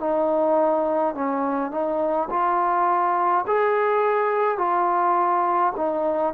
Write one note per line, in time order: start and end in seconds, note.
0.00 1.15 D#4
1.15 1.71 C#4
1.71 2.29 D#4
2.30 3.45 F4
3.47 4.58 G#4
4.58 5.73 F4
5.77 6.34 D#4